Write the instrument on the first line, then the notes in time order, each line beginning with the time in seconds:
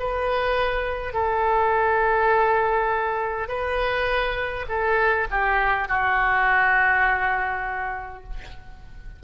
oboe
0.00 B4
1.14 A4
3.49 B4
4.69 A4
5.31 G4
5.88 F#4